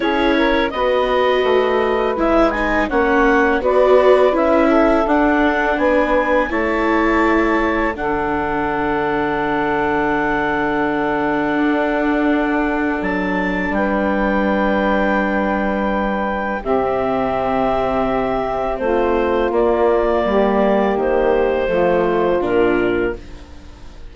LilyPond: <<
  \new Staff \with { instrumentName = "clarinet" } { \time 4/4 \tempo 4 = 83 cis''4 dis''2 e''8 gis''8 | fis''4 d''4 e''4 fis''4 | gis''4 a''2 fis''4~ | fis''1~ |
fis''2 a''4 g''4~ | g''2. e''4~ | e''2 c''4 d''4~ | d''4 c''2 ais'4 | }
  \new Staff \with { instrumentName = "saxophone" } { \time 4/4 gis'8 ais'8 b'2. | cis''4 b'4. a'4. | b'4 cis''2 a'4~ | a'1~ |
a'2. b'4~ | b'2. g'4~ | g'2 f'2 | g'2 f'2 | }
  \new Staff \with { instrumentName = "viola" } { \time 4/4 e'4 fis'2 e'8 dis'8 | cis'4 fis'4 e'4 d'4~ | d'4 e'2 d'4~ | d'1~ |
d'1~ | d'2. c'4~ | c'2. ais4~ | ais2 a4 d'4 | }
  \new Staff \with { instrumentName = "bassoon" } { \time 4/4 cis'4 b4 a4 gis4 | ais4 b4 cis'4 d'4 | b4 a2 d4~ | d1 |
d'2 fis4 g4~ | g2. c4~ | c2 a4 ais4 | g4 dis4 f4 ais,4 | }
>>